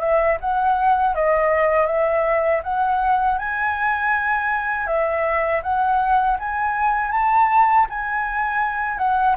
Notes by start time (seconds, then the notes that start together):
0.00 E5
0.40 F#5
1.15 D#5
1.86 E5
2.63 F#5
3.38 G#5
4.86 E5
5.62 F#5
6.39 G#5
7.11 A5
7.89 G#5
8.98 F#5